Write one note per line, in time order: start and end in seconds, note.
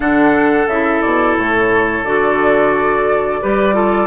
0.00 0.66 D3
0.00 0.68 D4
0.00 3.40 A4
0.00 0.67 F#5
0.67 1.01 C#3
0.67 2.05 E4
0.67 1.01 E5
1.01 1.37 B2
1.01 1.35 D5
1.37 2.04 A2
1.37 2.04 C#5
2.04 3.40 D3
2.04 3.40 F#4
2.04 4.07 D5
3.40 4.07 G3
3.40 3.73 G4
3.40 3.75 B4
3.73 4.07 F4
3.73 4.07 A4